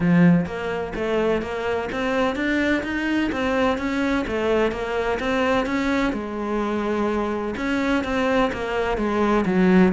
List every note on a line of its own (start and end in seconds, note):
0.00 0.45 F3
0.46 0.93 A#3
0.95 1.42 A3
1.42 1.89 A#3
1.92 2.35 C4
2.35 2.83 D4
2.83 3.30 D#4
3.32 3.78 C4
3.78 4.25 C#4
4.27 4.71 A3
4.71 5.18 A#3
5.19 5.66 C4
5.66 6.13 C#4
6.13 7.54 G#3
7.57 8.04 C#4
8.04 8.51 C4
8.52 8.97 A#3
8.97 9.44 G#3
9.45 9.92 F#3